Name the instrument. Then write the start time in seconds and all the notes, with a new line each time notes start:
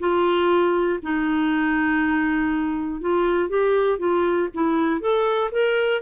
clarinet
0.00 F4
1.03 D#4
3.01 F4
3.49 G4
3.99 F4
4.54 E4
5.01 A4
5.52 A#4